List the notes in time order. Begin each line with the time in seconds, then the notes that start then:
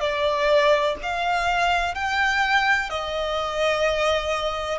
0.00 D5
1.02 F5
1.94 G5
2.90 D#5